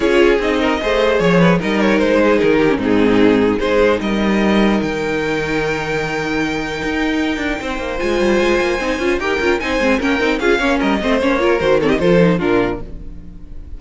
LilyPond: <<
  \new Staff \with { instrumentName = "violin" } { \time 4/4 \tempo 4 = 150 cis''4 dis''2 cis''4 | dis''8 cis''8 c''4 ais'4 gis'4~ | gis'4 c''4 dis''2 | g''1~ |
g''1 | gis''2. g''4 | gis''4 g''4 f''4 dis''4 | cis''4 c''8 cis''16 dis''16 c''4 ais'4 | }
  \new Staff \with { instrumentName = "violin" } { \time 4/4 gis'4. ais'8 c''4 cis''8 b'8 | ais'4. gis'4 g'8 dis'4~ | dis'4 gis'4 ais'2~ | ais'1~ |
ais'2. c''4~ | c''2. ais'4 | c''4 ais'4 gis'8 cis''8 ais'8 c''8~ | c''8 ais'4 a'16 g'16 a'4 f'4 | }
  \new Staff \with { instrumentName = "viola" } { \time 4/4 f'4 dis'4 gis'2 | dis'2~ dis'8. cis'16 c'4~ | c'4 dis'2.~ | dis'1~ |
dis'1 | f'2 dis'8 f'8 g'8 f'8 | dis'8 c'8 cis'8 dis'8 f'8 cis'4 c'8 | cis'8 f'8 fis'8 c'8 f'8 dis'8 d'4 | }
  \new Staff \with { instrumentName = "cello" } { \time 4/4 cis'4 c'4 a4 f4 | g4 gis4 dis4 gis,4~ | gis,4 gis4 g2 | dis1~ |
dis4 dis'4. d'8 c'8 ais8 | gis8 g8 gis8 ais8 c'8 cis'8 dis'8 cis'8 | c'8 gis8 ais8 c'8 cis'8 ais8 g8 a8 | ais4 dis4 f4 ais,4 | }
>>